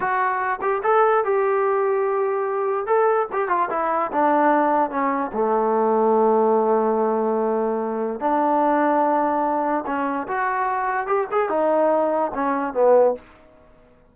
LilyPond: \new Staff \with { instrumentName = "trombone" } { \time 4/4 \tempo 4 = 146 fis'4. g'8 a'4 g'4~ | g'2. a'4 | g'8 f'8 e'4 d'2 | cis'4 a2.~ |
a1 | d'1 | cis'4 fis'2 g'8 gis'8 | dis'2 cis'4 b4 | }